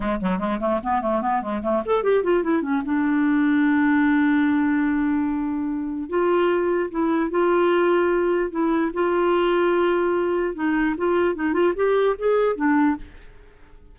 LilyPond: \new Staff \with { instrumentName = "clarinet" } { \time 4/4 \tempo 4 = 148 gis8 fis8 gis8 a8 b8 a8 b8 gis8 | a8 a'8 g'8 f'8 e'8 cis'8 d'4~ | d'1~ | d'2. f'4~ |
f'4 e'4 f'2~ | f'4 e'4 f'2~ | f'2 dis'4 f'4 | dis'8 f'8 g'4 gis'4 d'4 | }